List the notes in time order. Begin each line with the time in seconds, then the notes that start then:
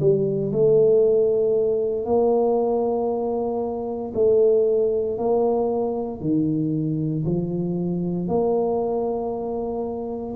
0.00 G3
0.52 A3
2.05 A#3
4.14 A3
5.18 A#3
6.21 D#3
7.25 F3
8.28 A#3